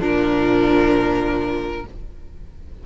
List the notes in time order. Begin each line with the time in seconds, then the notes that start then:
0.00 A#2 F3 D4 A#4